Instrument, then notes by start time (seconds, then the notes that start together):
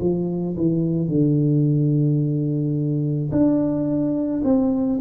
tuba
0.00 F3
0.56 E3
1.08 D3
3.31 D4
4.43 C4